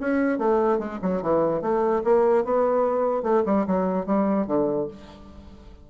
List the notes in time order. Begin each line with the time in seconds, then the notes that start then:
0.00 C#4
0.38 A3
0.78 G#3
1.02 F#3
1.22 E3
1.61 A3
2.04 A#3
2.44 B3
3.22 A3
3.45 G3
3.66 F#3
4.06 G3
4.46 D3